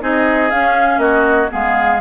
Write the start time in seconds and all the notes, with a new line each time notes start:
0.00 C4 D#4 G#4 D#5
0.50 C#4 F5
0.97 A#3 F#4 D#5
1.49 G#3 B3 G#4 F5